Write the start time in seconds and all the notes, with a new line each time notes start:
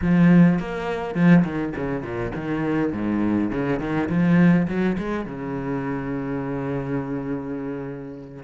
0.01 F3
0.59 A#3
1.14 F3
1.44 D#3
1.76 C#3
2.03 A#2
2.35 D#3
2.92 G#2
3.50 C#3
3.79 D#3
4.09 F3
4.67 F#3
4.98 G#3
5.25 C#3